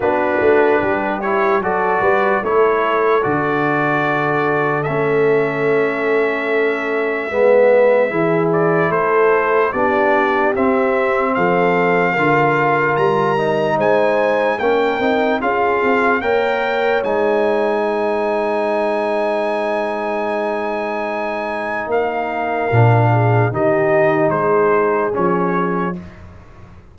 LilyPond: <<
  \new Staff \with { instrumentName = "trumpet" } { \time 4/4 \tempo 4 = 74 b'4. cis''8 d''4 cis''4 | d''2 e''2~ | e''2~ e''8 d''8 c''4 | d''4 e''4 f''2 |
ais''4 gis''4 g''4 f''4 | g''4 gis''2.~ | gis''2. f''4~ | f''4 dis''4 c''4 cis''4 | }
  \new Staff \with { instrumentName = "horn" } { \time 4/4 fis'4 g'4 a'8 b'8 a'4~ | a'1~ | a'4 b'4 gis'4 a'4 | g'2 a'4 ais'4~ |
ais'4 c''4 ais'4 gis'4 | cis''2 c''2~ | c''2. ais'4~ | ais'8 gis'8 g'4 gis'2 | }
  \new Staff \with { instrumentName = "trombone" } { \time 4/4 d'4. e'8 fis'4 e'4 | fis'2 cis'2~ | cis'4 b4 e'2 | d'4 c'2 f'4~ |
f'8 dis'4. cis'8 dis'8 f'4 | ais'4 dis'2.~ | dis'1 | d'4 dis'2 cis'4 | }
  \new Staff \with { instrumentName = "tuba" } { \time 4/4 b8 a8 g4 fis8 g8 a4 | d2 a2~ | a4 gis4 e4 a4 | b4 c'4 f4 d4 |
g4 gis4 ais8 c'8 cis'8 c'8 | ais4 gis2.~ | gis2. ais4 | ais,4 dis4 gis4 f4 | }
>>